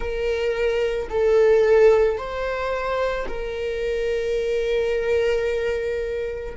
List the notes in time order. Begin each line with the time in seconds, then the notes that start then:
0.00 A#4
1.09 A4
2.17 C5
3.28 A#4